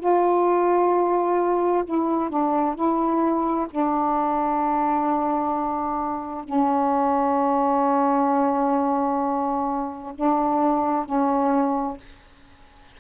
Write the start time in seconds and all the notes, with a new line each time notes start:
0.00 F4
1.85 E4
2.30 D4
2.75 E4
3.70 D4
6.44 C#4
10.15 D4
11.06 C#4